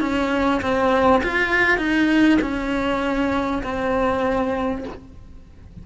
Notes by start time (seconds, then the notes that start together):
0.00 C#4
0.61 C4
1.23 F4
1.78 D#4
2.41 C#4
3.63 C4